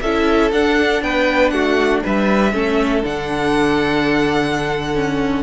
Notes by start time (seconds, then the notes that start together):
0.00 C#4 E4 A4 E5
0.51 D4 F#5
1.02 B3 B4 G5
1.50 A3 F#4 F#5
2.03 G3 B4 E5
2.53 A3 C#4 A4
3.02 D3 D4 F#5
4.95 C#4